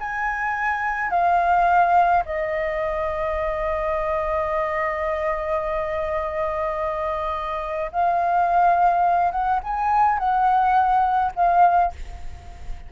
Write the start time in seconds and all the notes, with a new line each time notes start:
0.00 G#5
1.10 F5
2.25 D#5
7.92 F5
9.32 F#5
9.64 G#5
10.19 F#5
11.36 F5